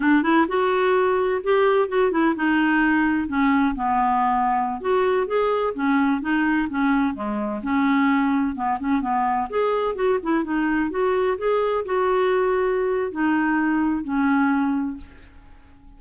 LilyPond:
\new Staff \with { instrumentName = "clarinet" } { \time 4/4 \tempo 4 = 128 d'8 e'8 fis'2 g'4 | fis'8 e'8 dis'2 cis'4 | b2~ b16 fis'4 gis'8.~ | gis'16 cis'4 dis'4 cis'4 gis8.~ |
gis16 cis'2 b8 cis'8 b8.~ | b16 gis'4 fis'8 e'8 dis'4 fis'8.~ | fis'16 gis'4 fis'2~ fis'8. | dis'2 cis'2 | }